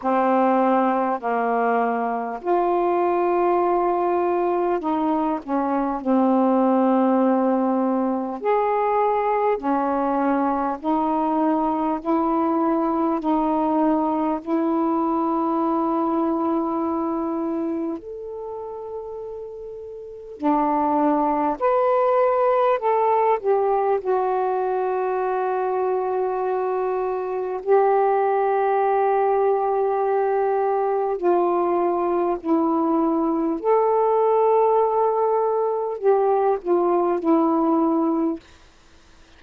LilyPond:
\new Staff \with { instrumentName = "saxophone" } { \time 4/4 \tempo 4 = 50 c'4 ais4 f'2 | dis'8 cis'8 c'2 gis'4 | cis'4 dis'4 e'4 dis'4 | e'2. a'4~ |
a'4 d'4 b'4 a'8 g'8 | fis'2. g'4~ | g'2 f'4 e'4 | a'2 g'8 f'8 e'4 | }